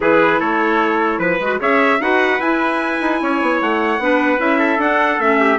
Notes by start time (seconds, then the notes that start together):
0.00 E3 E4 G#4 B4
0.39 A3 A4 C#5
1.18 F3 B4
1.39 G#3 F#4
1.59 C#4 G#4 C#5 E5
2.00 D#4 F#4 B4 F#5
2.39 E4 G#5
3.00 D#4
3.21 C#4 C#5
3.41 B3
3.61 A3 F#5
3.98 B3 D4 B4
4.38 C#4 E4 E5
4.58 A4
4.77 D4 F#5
5.18 A3 C#4 E5
5.40 G4